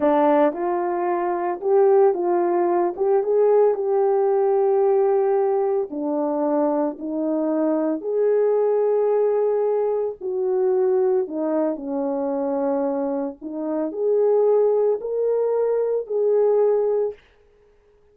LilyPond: \new Staff \with { instrumentName = "horn" } { \time 4/4 \tempo 4 = 112 d'4 f'2 g'4 | f'4. g'8 gis'4 g'4~ | g'2. d'4~ | d'4 dis'2 gis'4~ |
gis'2. fis'4~ | fis'4 dis'4 cis'2~ | cis'4 dis'4 gis'2 | ais'2 gis'2 | }